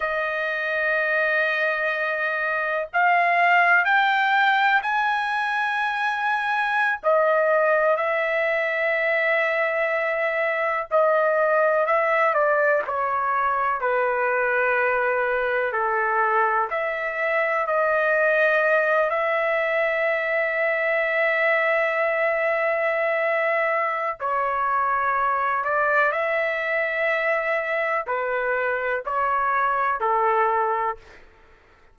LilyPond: \new Staff \with { instrumentName = "trumpet" } { \time 4/4 \tempo 4 = 62 dis''2. f''4 | g''4 gis''2~ gis''16 dis''8.~ | dis''16 e''2. dis''8.~ | dis''16 e''8 d''8 cis''4 b'4.~ b'16~ |
b'16 a'4 e''4 dis''4. e''16~ | e''1~ | e''4 cis''4. d''8 e''4~ | e''4 b'4 cis''4 a'4 | }